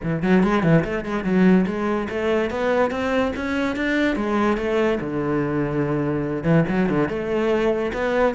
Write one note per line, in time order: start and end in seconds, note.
0.03 0.22 E3
0.22 0.43 F#3
0.43 0.63 G#3
0.63 0.84 E3
0.84 1.04 A3
1.04 1.23 G#3
1.23 1.65 F#3
1.66 2.08 G#3
2.09 2.50 A3
2.50 2.90 B3
2.90 3.32 C4
3.35 3.76 C#4
3.76 4.16 D4
4.16 4.57 G#3
4.57 4.98 A3
5.00 6.43 D3
6.43 6.64 E3
6.68 6.89 F#3
6.89 7.08 D3
7.08 7.92 A3
7.93 8.34 B3